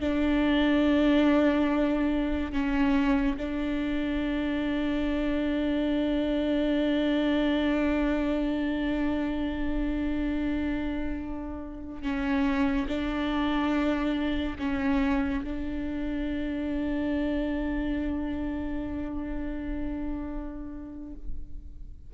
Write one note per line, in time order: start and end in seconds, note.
0.00 2.52 D4
2.52 3.37 C#4
3.37 12.02 D4
12.02 12.87 C#4
12.88 14.57 D4
14.59 15.43 C#4
15.43 21.14 D4